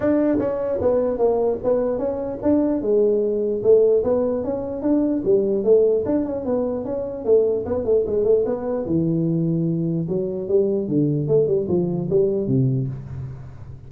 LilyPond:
\new Staff \with { instrumentName = "tuba" } { \time 4/4 \tempo 4 = 149 d'4 cis'4 b4 ais4 | b4 cis'4 d'4 gis4~ | gis4 a4 b4 cis'4 | d'4 g4 a4 d'8 cis'8 |
b4 cis'4 a4 b8 a8 | gis8 a8 b4 e2~ | e4 fis4 g4 d4 | a8 g8 f4 g4 c4 | }